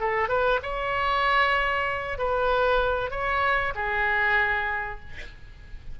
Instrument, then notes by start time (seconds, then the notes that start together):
oboe
0.00 A4
0.29 B4
0.62 C#5
2.18 B4
3.11 C#5
3.75 G#4